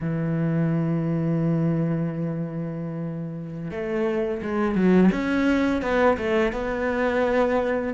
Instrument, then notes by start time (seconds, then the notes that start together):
cello
0.00 E3
3.71 A3
4.42 G#3
4.75 F#3
5.12 C#4
5.81 B3
6.17 A3
6.52 B3